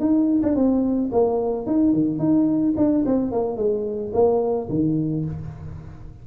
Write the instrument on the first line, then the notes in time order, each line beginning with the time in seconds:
tuba
0.00 D#4
0.43 D4
0.55 C4
1.12 A#3
1.66 D#4
1.93 D#3
2.19 D#4
2.77 D4
3.06 C4
3.31 A#3
3.57 G#3
4.13 A#3
4.69 D#3